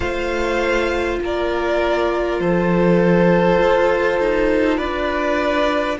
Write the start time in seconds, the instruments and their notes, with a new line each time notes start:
0.00 cello A3, viola F4, violin C5 F5
1.20 cello A#3, violin A#4 D5
2.39 cello F3, violin A4 C5
3.58 cello F4
4.19 cello D#4
4.77 cello D4, violin B4 D5